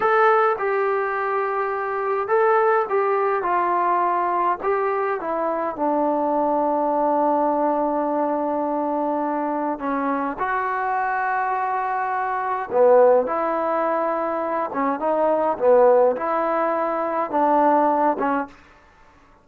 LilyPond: \new Staff \with { instrumentName = "trombone" } { \time 4/4 \tempo 4 = 104 a'4 g'2. | a'4 g'4 f'2 | g'4 e'4 d'2~ | d'1~ |
d'4 cis'4 fis'2~ | fis'2 b4 e'4~ | e'4. cis'8 dis'4 b4 | e'2 d'4. cis'8 | }